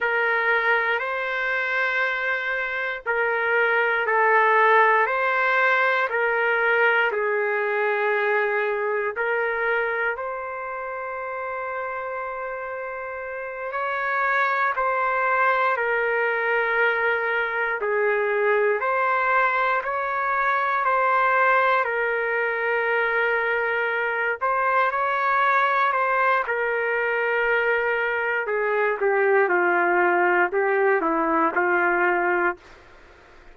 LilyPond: \new Staff \with { instrumentName = "trumpet" } { \time 4/4 \tempo 4 = 59 ais'4 c''2 ais'4 | a'4 c''4 ais'4 gis'4~ | gis'4 ais'4 c''2~ | c''4. cis''4 c''4 ais'8~ |
ais'4. gis'4 c''4 cis''8~ | cis''8 c''4 ais'2~ ais'8 | c''8 cis''4 c''8 ais'2 | gis'8 g'8 f'4 g'8 e'8 f'4 | }